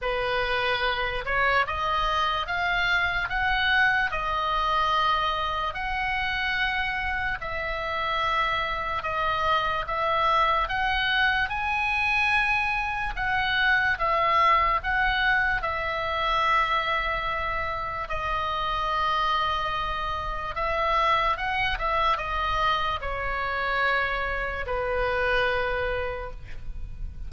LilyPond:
\new Staff \with { instrumentName = "oboe" } { \time 4/4 \tempo 4 = 73 b'4. cis''8 dis''4 f''4 | fis''4 dis''2 fis''4~ | fis''4 e''2 dis''4 | e''4 fis''4 gis''2 |
fis''4 e''4 fis''4 e''4~ | e''2 dis''2~ | dis''4 e''4 fis''8 e''8 dis''4 | cis''2 b'2 | }